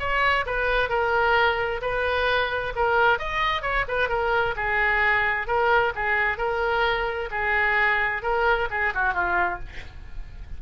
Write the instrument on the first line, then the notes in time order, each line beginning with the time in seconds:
oboe
0.00 C#5
0.47 B4
0.90 A#4
1.82 B4
2.76 A#4
3.19 D#5
3.63 C#5
3.88 B4
4.10 A#4
4.57 G#4
5.48 A#4
5.96 G#4
6.38 A#4
7.31 G#4
8.23 A#4
8.71 G#4
8.95 F#4
9.14 F4